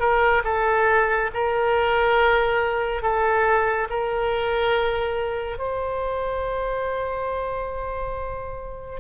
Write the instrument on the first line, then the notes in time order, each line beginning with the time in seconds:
oboe
0.00 A#4
0.44 A4
1.34 A#4
3.02 A4
3.90 A#4
5.58 C5